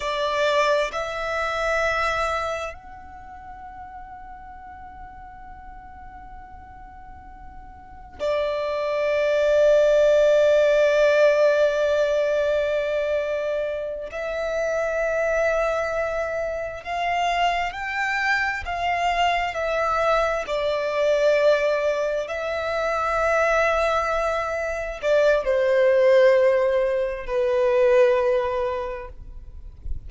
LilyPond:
\new Staff \with { instrumentName = "violin" } { \time 4/4 \tempo 4 = 66 d''4 e''2 fis''4~ | fis''1~ | fis''4 d''2.~ | d''2.~ d''8 e''8~ |
e''2~ e''8 f''4 g''8~ | g''8 f''4 e''4 d''4.~ | d''8 e''2. d''8 | c''2 b'2 | }